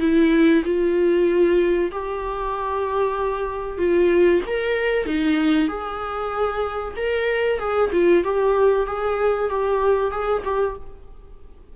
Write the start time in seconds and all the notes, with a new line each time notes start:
0.00 E4
0.65 F4
1.92 G4
3.78 F4
4.47 A#4
5.06 D#4
5.68 G#4
6.97 A#4
7.60 G#4
7.93 F4
8.25 G4
8.87 G#4
9.50 G4
10.12 G#4
10.45 G4